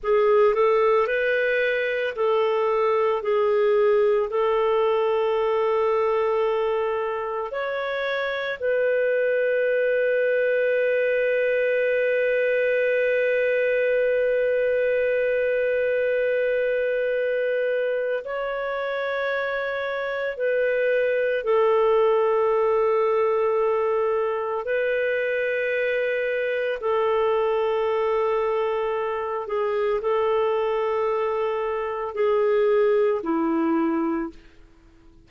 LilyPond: \new Staff \with { instrumentName = "clarinet" } { \time 4/4 \tempo 4 = 56 gis'8 a'8 b'4 a'4 gis'4 | a'2. cis''4 | b'1~ | b'1~ |
b'4 cis''2 b'4 | a'2. b'4~ | b'4 a'2~ a'8 gis'8 | a'2 gis'4 e'4 | }